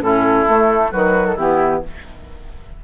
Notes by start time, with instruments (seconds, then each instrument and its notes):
0.00 bassoon A2, clarinet C#4, oboe E4, flute A4
0.47 clarinet A3, bassoon A3
0.91 bassoon D#3, clarinet F#3, oboe F#4, flute B4
1.25 flute A4
1.35 bassoon E3, clarinet B3, oboe E4, flute G4